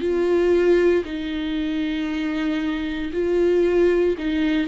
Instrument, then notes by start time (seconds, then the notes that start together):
viola
0.00 F4
1.04 D#4
3.12 F4
4.18 D#4